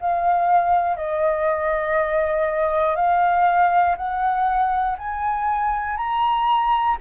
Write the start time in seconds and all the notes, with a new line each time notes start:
0.00 F5
0.97 D#5
2.95 F5
3.97 F#5
4.98 G#5
5.97 A#5